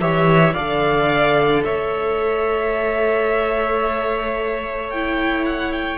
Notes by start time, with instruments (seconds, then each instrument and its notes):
0.00 cello E3, viola G4, violin C#5 E5
0.53 cello D3, viola A4, violin D5 F5
1.64 cello A3, violin C#5 E5
4.90 viola E4, violin G5
5.45 violin F#5
5.72 violin G5